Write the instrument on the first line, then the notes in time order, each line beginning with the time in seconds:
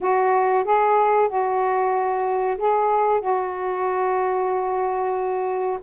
saxophone
0.00 F#4
0.64 G#4
1.28 F#4
2.57 G#4
3.20 F#4